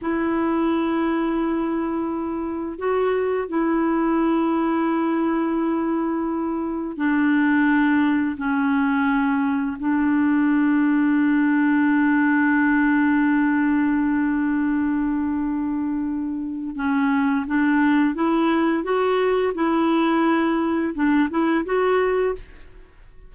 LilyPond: \new Staff \with { instrumentName = "clarinet" } { \time 4/4 \tempo 4 = 86 e'1 | fis'4 e'2.~ | e'2 d'2 | cis'2 d'2~ |
d'1~ | d'1 | cis'4 d'4 e'4 fis'4 | e'2 d'8 e'8 fis'4 | }